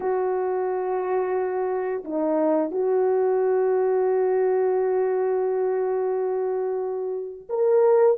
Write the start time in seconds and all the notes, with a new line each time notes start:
0.00 F#4
2.04 D#4
2.71 F#4
7.49 A#4